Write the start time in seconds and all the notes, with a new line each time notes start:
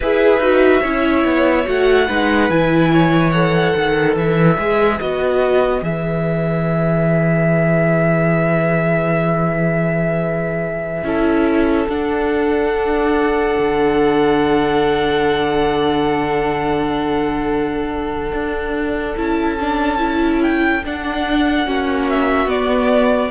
0.00 E4 G#4 B4 E5
0.38 D#4 F#4
0.81 C#4 E4 C#5
1.24 B3
1.64 A3 F#4 F#5
2.07 G#3 D#4 B4
2.49 E3 E4 G#5
2.93 C#5
3.30 A4 F#5
3.74 D#3 B4
4.16 E3 E5
4.57 G#3 G#4
5.00 B3 F#4 D#5
5.81 E3 G#4 E5
11.03 C#4 E4 A4
11.88 D4 F#5
13.58 D3
18.32 D4
19.16 C#4 E4 A5
19.60 D4
19.98 E4
20.42 G5
20.84 D4 F#5
21.65 A#3 C#4 F#4
22.09 E5
22.46 B3 D5